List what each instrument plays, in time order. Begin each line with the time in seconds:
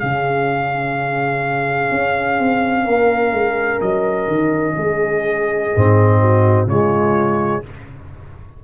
0.00 tuba C#3, trombone C#4, horn G#4, trumpet F5
1.92 tuba C#4
2.39 tuba C4
2.84 tuba A#3, horn A#4
3.33 tuba G#3
3.82 tuba F#3, trumpet D#5
4.28 tuba D#3
4.77 tuba G#3, horn G#4
5.76 tuba G#2, trombone C4
6.21 horn F#4
6.67 tuba C#3, trombone G#3, horn F4, trumpet C#5